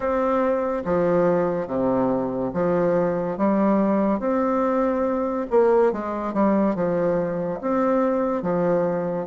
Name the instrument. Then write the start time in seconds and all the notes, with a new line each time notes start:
bassoon
0.00 C4
0.85 F3
1.67 C3
2.54 F3
3.37 G3
4.19 C4
5.50 A#3
5.92 G#3
6.33 G3
6.75 F3
7.61 C4
8.42 F3